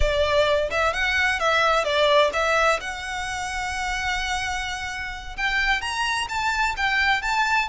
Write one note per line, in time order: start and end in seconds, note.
0.00 0.70 D5
0.70 0.93 E5
0.93 1.39 F#5
1.39 1.84 E5
1.84 2.30 D5
2.33 2.79 E5
2.80 5.36 F#5
5.36 5.81 G5
5.81 6.27 A#5
6.28 6.75 A5
6.76 7.21 G5
7.21 7.68 A5